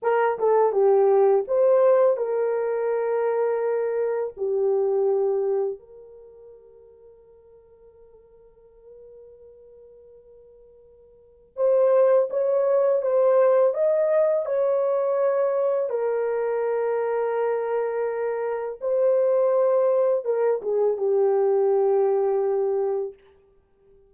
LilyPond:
\new Staff \with { instrumentName = "horn" } { \time 4/4 \tempo 4 = 83 ais'8 a'8 g'4 c''4 ais'4~ | ais'2 g'2 | ais'1~ | ais'1 |
c''4 cis''4 c''4 dis''4 | cis''2 ais'2~ | ais'2 c''2 | ais'8 gis'8 g'2. | }